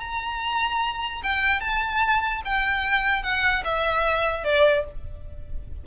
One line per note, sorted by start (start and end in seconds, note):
0.00 1.22 A#5
1.23 1.61 G5
1.61 2.42 A5
2.45 3.23 G5
3.23 3.63 F#5
3.64 4.44 E5
4.44 4.85 D5